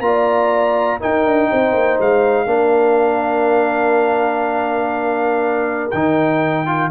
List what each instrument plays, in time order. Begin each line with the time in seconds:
0.00 tuba A#3, trombone F4, trumpet A#5
0.06 horn D5
1.00 trombone D#4, tuba D#4, horn A#4, trumpet G5
1.25 tuba D4
1.50 tuba C4, horn C5
1.73 tuba A#3
2.00 tuba G#3, trumpet F5
2.46 tuba A#3, trombone D4, horn A#4
5.91 tuba D#3, trombone D#4, trumpet G5
6.66 trombone F4